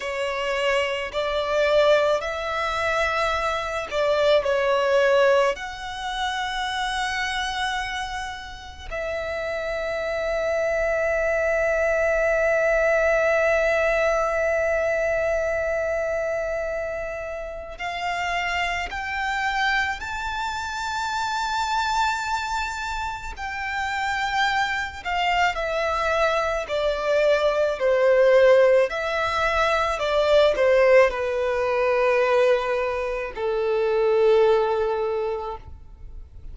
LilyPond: \new Staff \with { instrumentName = "violin" } { \time 4/4 \tempo 4 = 54 cis''4 d''4 e''4. d''8 | cis''4 fis''2. | e''1~ | e''1 |
f''4 g''4 a''2~ | a''4 g''4. f''8 e''4 | d''4 c''4 e''4 d''8 c''8 | b'2 a'2 | }